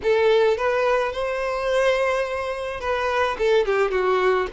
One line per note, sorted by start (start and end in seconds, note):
0.03 0.57 A4
0.57 1.12 B4
1.12 2.80 C5
2.80 3.36 B4
3.38 3.65 A4
3.65 3.91 G4
3.91 4.47 F#4